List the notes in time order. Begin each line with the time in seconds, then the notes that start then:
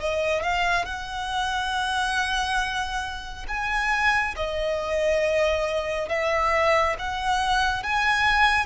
0.00 D#5
0.43 F5
0.85 F#5
3.49 G#5
4.36 D#5
6.09 E5
6.99 F#5
7.83 G#5